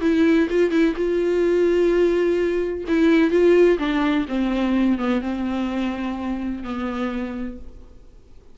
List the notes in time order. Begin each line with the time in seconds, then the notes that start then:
0.00 E4
0.49 F4
0.70 E4
0.95 F4
2.87 E4
3.30 F4
3.78 D4
4.28 C4
4.98 B3
5.21 C4
6.63 B3